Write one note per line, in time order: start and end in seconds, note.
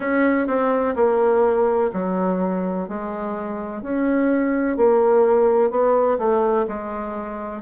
0.00 0.47 C#4
0.47 0.94 C4
0.95 1.90 A#3
1.93 2.88 F#3
2.88 3.82 G#3
3.82 4.77 C#4
4.77 5.70 A#3
5.70 6.17 B3
6.18 6.66 A3
6.68 7.61 G#3